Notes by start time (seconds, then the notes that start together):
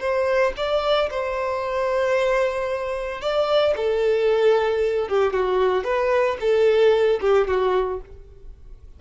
0.00 C5
0.57 D5
1.10 C5
3.21 D5
3.77 A4
5.09 G4
5.33 F#4
5.84 B4
6.41 A4
7.21 G4
7.47 F#4